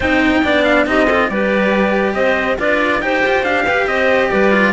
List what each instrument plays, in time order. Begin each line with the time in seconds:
0.00 cello C4 D#4, clarinet C5, trumpet G5
0.43 cello B3 D4, clarinet D5
0.64 trumpet F5
0.86 cello C4 D#4, clarinet G4, trumpet D#5
1.07 cello F4, clarinet A4
1.29 cello G3 G4, clarinet B4, trumpet D5
2.14 cello C4, clarinet C5, trumpet D#5
2.58 cello D4 F4, clarinet B4, trumpet D5
3.00 cello D#4 G4, clarinet C5, trumpet G5
3.25 cello F4
3.43 cello D4 G4, trumpet F5
3.65 cello G4, clarinet B4
3.87 cello C4, clarinet C5, trumpet D#5
4.30 cello G3, clarinet B4, trumpet D5
4.51 cello F4